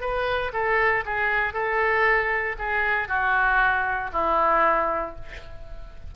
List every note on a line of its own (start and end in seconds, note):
0.00 0.51 B4
0.52 1.04 A4
1.05 1.53 G#4
1.53 2.55 A4
2.58 3.08 G#4
3.08 4.10 F#4
4.12 5.15 E4